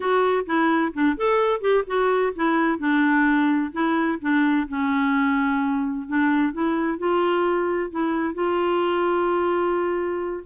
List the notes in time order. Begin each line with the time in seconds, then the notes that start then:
0.00 F#4
0.46 E4
0.93 D4
1.17 A4
1.60 G4
1.86 F#4
2.35 E4
2.78 D4
3.72 E4
4.21 D4
4.68 C#4
6.07 D4
6.52 E4
6.98 F4
7.90 E4
8.34 F4